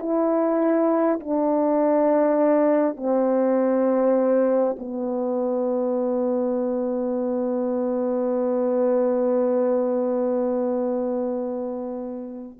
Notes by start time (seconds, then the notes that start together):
0.00 E4
1.20 D4
2.97 C4
4.79 B3